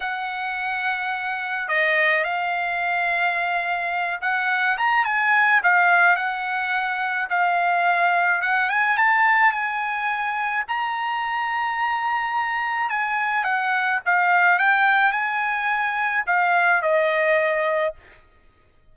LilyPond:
\new Staff \with { instrumentName = "trumpet" } { \time 4/4 \tempo 4 = 107 fis''2. dis''4 | f''2.~ f''8 fis''8~ | fis''8 ais''8 gis''4 f''4 fis''4~ | fis''4 f''2 fis''8 gis''8 |
a''4 gis''2 ais''4~ | ais''2. gis''4 | fis''4 f''4 g''4 gis''4~ | gis''4 f''4 dis''2 | }